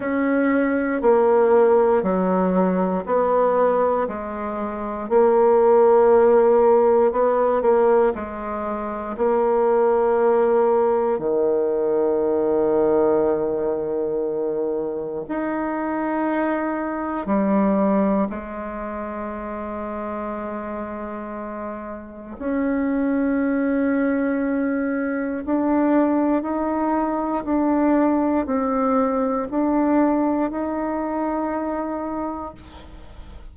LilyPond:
\new Staff \with { instrumentName = "bassoon" } { \time 4/4 \tempo 4 = 59 cis'4 ais4 fis4 b4 | gis4 ais2 b8 ais8 | gis4 ais2 dis4~ | dis2. dis'4~ |
dis'4 g4 gis2~ | gis2 cis'2~ | cis'4 d'4 dis'4 d'4 | c'4 d'4 dis'2 | }